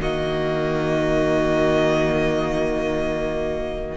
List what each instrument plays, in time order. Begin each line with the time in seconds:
0.00 cello D#3, viola A#3, violin F#4 D#5